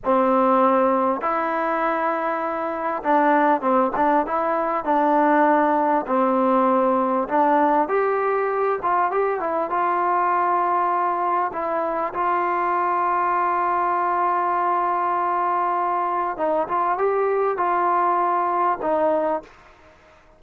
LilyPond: \new Staff \with { instrumentName = "trombone" } { \time 4/4 \tempo 4 = 99 c'2 e'2~ | e'4 d'4 c'8 d'8 e'4 | d'2 c'2 | d'4 g'4. f'8 g'8 e'8 |
f'2. e'4 | f'1~ | f'2. dis'8 f'8 | g'4 f'2 dis'4 | }